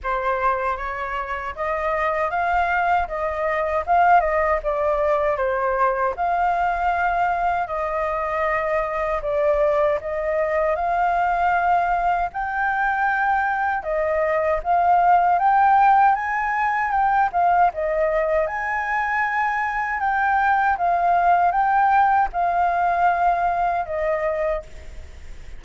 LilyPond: \new Staff \with { instrumentName = "flute" } { \time 4/4 \tempo 4 = 78 c''4 cis''4 dis''4 f''4 | dis''4 f''8 dis''8 d''4 c''4 | f''2 dis''2 | d''4 dis''4 f''2 |
g''2 dis''4 f''4 | g''4 gis''4 g''8 f''8 dis''4 | gis''2 g''4 f''4 | g''4 f''2 dis''4 | }